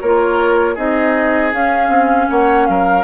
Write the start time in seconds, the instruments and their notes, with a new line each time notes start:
0.00 bassoon A#3, clarinet F4, oboe A#4, flute C#5
0.74 bassoon C4, clarinet D#4, oboe G#4, flute D#5
1.52 clarinet C#4, bassoon C#4, flute F5
1.89 bassoon C4
2.29 bassoon A#3, oboe C#5, flute F#5
2.66 bassoon F#3, oboe A#4, flute F5